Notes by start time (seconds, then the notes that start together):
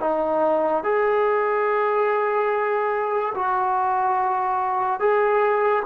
0.00 D#4
0.83 G#4
3.34 F#4
5.00 G#4